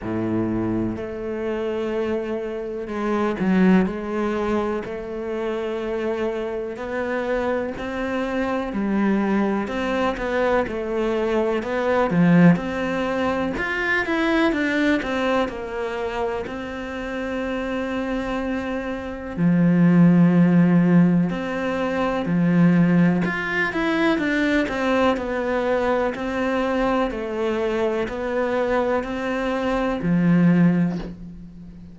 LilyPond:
\new Staff \with { instrumentName = "cello" } { \time 4/4 \tempo 4 = 62 a,4 a2 gis8 fis8 | gis4 a2 b4 | c'4 g4 c'8 b8 a4 | b8 f8 c'4 f'8 e'8 d'8 c'8 |
ais4 c'2. | f2 c'4 f4 | f'8 e'8 d'8 c'8 b4 c'4 | a4 b4 c'4 f4 | }